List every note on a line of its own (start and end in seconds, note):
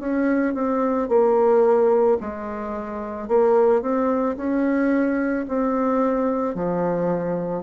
0.00 0.55 C#4
0.55 1.09 C4
1.09 2.18 A#3
2.21 3.28 G#3
3.28 3.82 A#3
3.82 4.37 C4
4.37 5.46 C#4
5.48 6.55 C4
6.55 7.64 F3